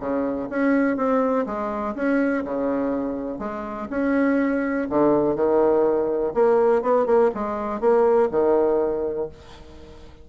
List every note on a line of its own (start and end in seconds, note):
0.00 0.49 C#3
0.50 0.97 C#4
0.97 1.46 C4
1.46 1.95 G#3
1.96 2.44 C#4
2.45 3.39 C#3
3.39 3.88 G#3
3.90 4.88 C#4
4.90 5.36 D3
5.36 6.33 D#3
6.35 6.82 A#3
6.82 7.06 B3
7.06 7.31 A#3
7.35 7.80 G#3
7.80 8.29 A#3
8.32 9.29 D#3